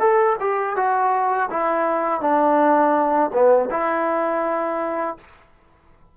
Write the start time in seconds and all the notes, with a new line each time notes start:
0.00 A4
0.41 G4
0.76 F#4
1.50 E4
2.21 D4
3.33 B3
3.71 E4